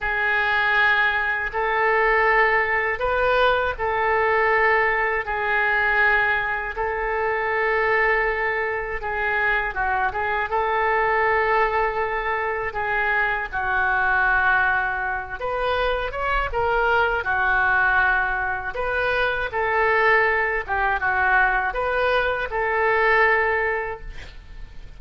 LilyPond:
\new Staff \with { instrumentName = "oboe" } { \time 4/4 \tempo 4 = 80 gis'2 a'2 | b'4 a'2 gis'4~ | gis'4 a'2. | gis'4 fis'8 gis'8 a'2~ |
a'4 gis'4 fis'2~ | fis'8 b'4 cis''8 ais'4 fis'4~ | fis'4 b'4 a'4. g'8 | fis'4 b'4 a'2 | }